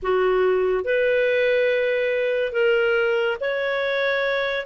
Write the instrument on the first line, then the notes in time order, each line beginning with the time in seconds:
clarinet
0.02 F#4
0.84 B4
2.52 A#4
3.40 C#5